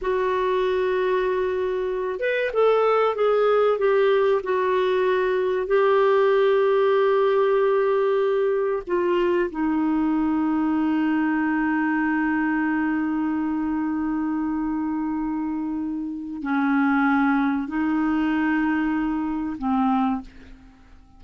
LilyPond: \new Staff \with { instrumentName = "clarinet" } { \time 4/4 \tempo 4 = 95 fis'2.~ fis'8 b'8 | a'4 gis'4 g'4 fis'4~ | fis'4 g'2.~ | g'2 f'4 dis'4~ |
dis'1~ | dis'1~ | dis'2 cis'2 | dis'2. c'4 | }